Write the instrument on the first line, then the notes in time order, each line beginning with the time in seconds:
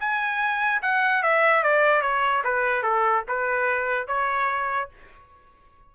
trumpet
0.00 G#5
0.83 F#5
1.23 E5
1.64 D5
2.02 C#5
2.44 B4
2.83 A4
3.28 B4
4.08 C#5